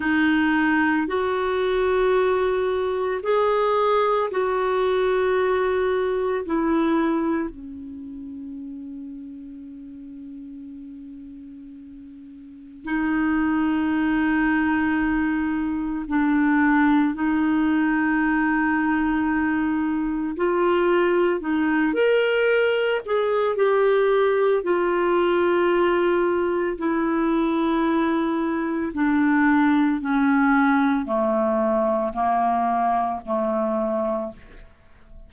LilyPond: \new Staff \with { instrumentName = "clarinet" } { \time 4/4 \tempo 4 = 56 dis'4 fis'2 gis'4 | fis'2 e'4 cis'4~ | cis'1 | dis'2. d'4 |
dis'2. f'4 | dis'8 ais'4 gis'8 g'4 f'4~ | f'4 e'2 d'4 | cis'4 a4 ais4 a4 | }